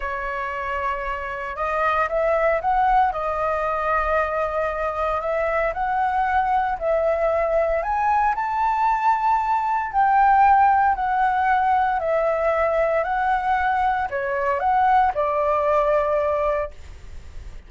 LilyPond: \new Staff \with { instrumentName = "flute" } { \time 4/4 \tempo 4 = 115 cis''2. dis''4 | e''4 fis''4 dis''2~ | dis''2 e''4 fis''4~ | fis''4 e''2 gis''4 |
a''2. g''4~ | g''4 fis''2 e''4~ | e''4 fis''2 cis''4 | fis''4 d''2. | }